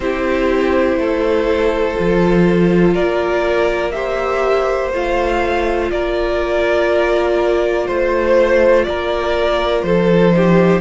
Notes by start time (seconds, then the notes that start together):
0.00 C4 E4 G4 C5
0.96 A3 A4
1.95 F3 F4
2.93 A#3 A#4 D5
3.91 G4 C5 E5
4.93 A3 F4 F5
5.91 A#3 A#4 D5
7.86 A3 C5
8.84 A#3 A#4 D5
9.82 F3 A4 C5
10.31 D#4 G4